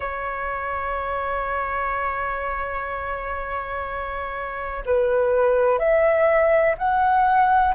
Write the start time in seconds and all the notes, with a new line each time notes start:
0.00 C#5
4.85 B4
5.78 E5
6.77 F#5